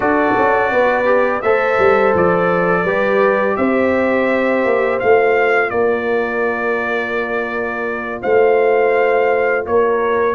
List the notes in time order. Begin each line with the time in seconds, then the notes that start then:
0.00 D4 F#4 A4 D5
0.37 C#4
0.71 B3 B4
1.05 G4
1.41 A3 A4 C5 E5
1.78 G3
2.14 F3 D5
2.83 G3 G4 B4
3.56 C4 C5 E5
4.64 A#3
4.99 A3 F4 F5
5.70 A#3 A#4 D5
8.21 A3 C5 F5
9.65 A#3 A#4 C#5